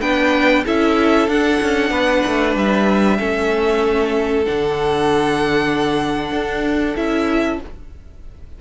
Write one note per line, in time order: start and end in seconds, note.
0.00 0.65 B3
0.00 0.64 D4
0.00 0.63 B4
0.00 0.64 G5
0.65 1.28 C#4
0.65 1.29 E4
0.65 1.91 A4
0.65 1.29 E5
1.28 1.59 D4
1.28 3.18 D4
1.28 2.55 F#5
1.61 1.90 C#4
1.90 2.22 B3
1.90 3.17 B4
2.26 2.55 A3
2.55 3.18 G3
2.55 4.45 E5
3.18 4.46 A3
3.18 4.44 C#4
3.18 7.61 A4
4.45 6.31 D3
4.45 6.95 D4
4.45 6.96 F#5
6.31 6.95 D4
6.95 7.60 C#4
6.95 7.59 E4
6.95 7.59 E5